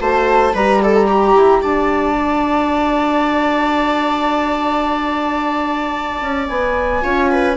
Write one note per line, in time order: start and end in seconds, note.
0.00 0.53 A3
0.00 0.54 F#4
0.00 0.53 C5
0.00 0.55 A5
0.53 1.35 G3
0.53 2.17 G4
0.53 0.80 B4
0.53 0.82 A#5
0.82 1.06 A4
0.82 0.94 D5
0.94 1.61 A#5
1.06 1.60 G4
1.35 1.62 E4
1.62 6.21 D4
1.62 7.02 D5
1.62 6.47 A5
2.17 7.01 F#4
6.21 6.48 C#4
6.47 7.03 B3
6.47 7.55 G#5
7.01 7.57 C#4
7.01 7.55 F4
7.01 7.30 C#5
7.30 7.57 B4